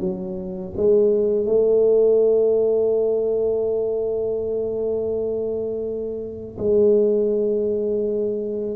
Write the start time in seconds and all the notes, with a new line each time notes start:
0.00 F#3
0.76 G#3
1.45 A3
6.58 G#3